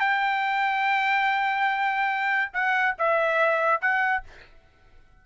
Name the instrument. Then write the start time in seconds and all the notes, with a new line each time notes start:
trumpet
0.00 G5
2.53 F#5
2.98 E5
3.81 F#5